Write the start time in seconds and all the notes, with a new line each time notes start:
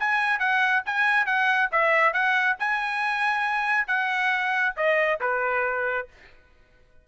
0.00 G#5
0.40 F#5
0.86 G#5
1.26 F#5
1.72 E5
2.13 F#5
2.60 G#5
3.88 F#5
4.77 D#5
5.21 B4